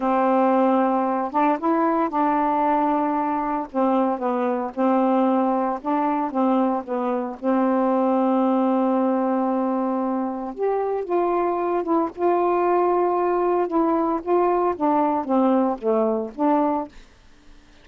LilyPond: \new Staff \with { instrumentName = "saxophone" } { \time 4/4 \tempo 4 = 114 c'2~ c'8 d'8 e'4 | d'2. c'4 | b4 c'2 d'4 | c'4 b4 c'2~ |
c'1 | g'4 f'4. e'8 f'4~ | f'2 e'4 f'4 | d'4 c'4 a4 d'4 | }